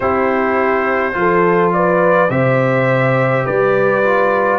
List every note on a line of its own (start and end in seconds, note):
0.00 1.15 C4
0.00 1.13 E4
0.00 1.15 G4
0.00 1.71 C5
1.13 2.30 F3
1.13 2.28 F4
1.13 1.75 A4
1.72 2.31 B4
1.72 2.30 D5
2.30 3.45 C3
2.30 4.03 G4
2.30 3.45 C5
2.30 3.45 E5
3.45 4.59 G3
3.45 4.59 B4
3.45 4.59 D5
4.03 4.59 F4